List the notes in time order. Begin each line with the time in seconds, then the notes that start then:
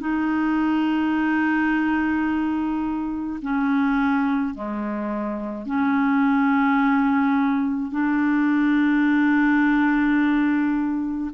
0.00 D#4
3.42 C#4
4.54 G#3
5.66 C#4
7.91 D4